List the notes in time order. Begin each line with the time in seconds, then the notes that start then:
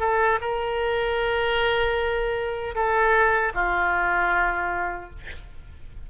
0.00 A4
0.41 A#4
2.75 A4
3.54 F4